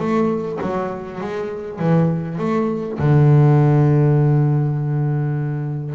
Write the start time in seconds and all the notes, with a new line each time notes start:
0.00 A3
0.62 F#3
1.21 G#3
1.79 E3
2.39 A3
2.99 D3